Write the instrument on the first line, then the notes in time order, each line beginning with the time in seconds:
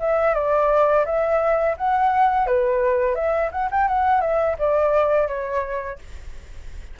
flute
0.00 E5
0.34 D5
1.06 E5
1.77 F#5
2.46 B4
3.15 E5
3.52 F#5
3.71 G5
3.88 F#5
4.21 E5
4.59 D5
5.28 C#5